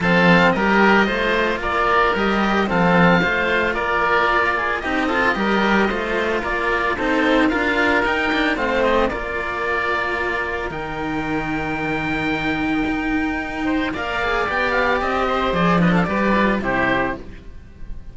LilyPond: <<
  \new Staff \with { instrumentName = "oboe" } { \time 4/4 \tempo 4 = 112 f''4 dis''2 d''4 | dis''4 f''2 d''4~ | d''4 dis''2. | d''4 c''4 f''4 g''4 |
f''8 dis''8 d''2. | g''1~ | g''2 f''4 g''8 f''8 | dis''4 d''8 dis''16 f''16 d''4 c''4 | }
  \new Staff \with { instrumentName = "oboe" } { \time 4/4 a'4 ais'4 c''4 ais'4~ | ais'4 a'4 c''4 ais'4~ | ais'8 gis'8 g'8 a'8 ais'4 c''4 | ais'4 a'4 ais'2 |
c''4 ais'2.~ | ais'1~ | ais'4. c''8 d''2~ | d''8 c''4 b'16 a'16 b'4 g'4 | }
  \new Staff \with { instrumentName = "cello" } { \time 4/4 c'4 g'4 f'2 | g'4 c'4 f'2~ | f'4 dis'8 f'8 g'4 f'4~ | f'4 dis'4 f'4 dis'8 d'8 |
c'4 f'2. | dis'1~ | dis'2 ais'8 gis'8 g'4~ | g'4 gis'8 d'8 g'8 f'8 e'4 | }
  \new Staff \with { instrumentName = "cello" } { \time 4/4 f4 g4 a4 ais4 | g4 f4 a4 ais4~ | ais4 c'4 g4 a4 | ais4 c'4 d'4 dis'4 |
a4 ais2. | dis1 | dis'2 ais4 b4 | c'4 f4 g4 c4 | }
>>